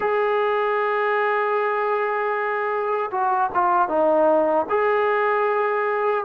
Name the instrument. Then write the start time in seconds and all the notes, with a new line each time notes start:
trombone
0.00 G#4
3.11 F#4
3.54 F4
3.88 D#4
4.69 G#4